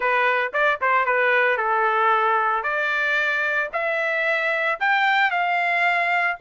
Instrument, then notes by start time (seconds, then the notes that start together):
trumpet
0.00 B4
0.53 D5
0.81 C5
1.05 B4
1.57 A4
2.63 D5
3.72 E5
4.80 G5
5.30 F5